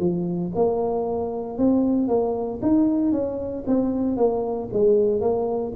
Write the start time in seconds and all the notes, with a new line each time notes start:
0.00 F3
0.55 A#3
1.58 C4
2.08 A#3
2.62 D#4
3.12 C#4
3.67 C4
4.17 A#3
4.73 G#3
5.21 A#3